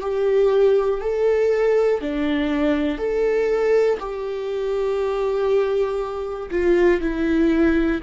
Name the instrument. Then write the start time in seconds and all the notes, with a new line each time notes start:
viola
0.00 G4
1.00 A4
2.00 D4
2.98 A4
4.00 G4
6.50 F4
7.00 E4